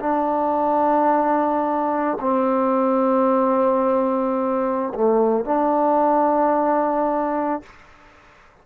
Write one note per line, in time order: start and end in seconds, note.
0.00 2.18 D4
2.21 4.93 C4
4.94 5.45 A3
5.45 7.63 D4